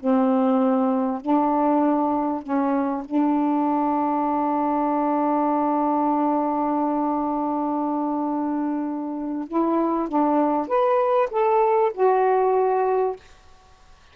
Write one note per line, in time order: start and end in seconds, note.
0.00 1.21 C4
1.21 2.43 D4
2.43 3.04 C#4
3.05 9.48 D4
9.48 10.09 E4
10.09 10.68 D4
10.68 11.29 B4
11.31 11.92 A4
11.94 13.16 F#4